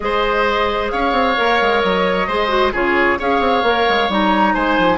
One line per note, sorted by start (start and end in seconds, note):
0.00 0.91 G#3
0.00 1.35 G#4
0.00 0.92 C5
0.00 0.90 D#5
0.90 1.12 C#4
0.90 2.27 C#5
0.90 1.81 F5
1.12 1.34 C4
1.36 1.61 A#3
1.36 2.27 A#4
1.61 1.83 G#3
1.81 2.27 F#3
1.81 2.72 D#5
2.27 2.73 G#3
2.27 2.48 G#4
2.27 2.72 C5
2.48 2.70 F#4
2.72 3.18 C#3
2.72 3.18 F4
2.72 3.18 G#4
2.72 3.20 C#5
3.18 3.40 C#4
3.18 3.64 G#4
3.18 4.54 C#5
3.18 4.11 F5
3.40 3.62 C4
3.62 3.85 A#3
3.62 4.10 A#4
3.88 4.09 G#3
4.09 4.54 G3
4.09 4.98 D#4
4.09 4.55 A#5
4.54 4.78 G#3
4.54 4.98 C5
4.54 4.98 G#5
4.78 4.98 F3